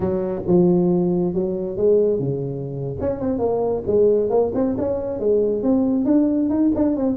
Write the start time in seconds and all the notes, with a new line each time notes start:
0.00 F#3
0.47 F3
1.34 F#3
1.76 G#3
2.19 C#3
3.00 C#4
3.20 C4
3.39 A#3
3.86 G#3
4.29 A#3
4.54 C4
4.78 C#4
5.19 G#3
5.62 C4
6.05 D4
6.49 D#4
6.75 D4
6.96 C4